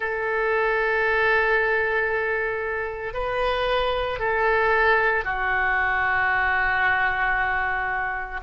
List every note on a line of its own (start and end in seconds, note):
0.00 3.13 A4
3.13 4.19 B4
4.19 5.24 A4
5.24 8.40 F#4